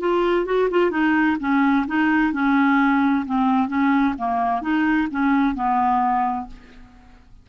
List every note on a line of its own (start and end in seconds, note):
0.00 0.46 F4
0.46 0.69 F#4
0.70 0.91 F4
0.91 1.37 D#4
1.40 1.86 C#4
1.87 2.33 D#4
2.33 3.25 C#4
3.26 3.68 C4
3.68 4.14 C#4
4.18 4.62 A#3
4.62 5.08 D#4
5.11 5.55 C#4
5.55 6.47 B3